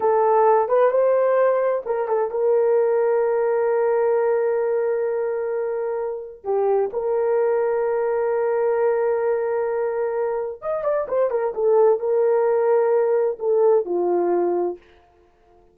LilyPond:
\new Staff \with { instrumentName = "horn" } { \time 4/4 \tempo 4 = 130 a'4. b'8 c''2 | ais'8 a'8 ais'2.~ | ais'1~ | ais'2 g'4 ais'4~ |
ais'1~ | ais'2. dis''8 d''8 | c''8 ais'8 a'4 ais'2~ | ais'4 a'4 f'2 | }